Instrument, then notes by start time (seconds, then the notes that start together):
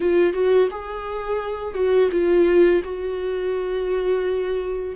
viola
0.00 F4
0.33 F#4
0.71 G#4
1.74 F#4
2.11 F4
2.84 F#4